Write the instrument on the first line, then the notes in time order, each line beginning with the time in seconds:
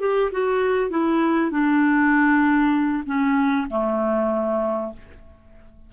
clarinet
0.00 G4
0.32 F#4
0.90 E4
1.51 D4
3.06 C#4
3.70 A3